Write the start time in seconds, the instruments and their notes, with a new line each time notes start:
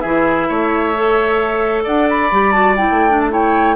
0.00 bassoon E3, clarinet E4, oboe G#4, flute E5
0.49 bassoon A3, oboe C#5
0.94 clarinet A4
1.84 bassoon D4, oboe D5, flute F#5
2.09 flute B5
2.31 bassoon G3, clarinet G4
2.52 clarinet F#4, flute A5
2.76 clarinet E4, flute G5
2.90 bassoon A3
3.09 clarinet D4
3.20 flute A5
3.30 clarinet E4, oboe C#5, flute G5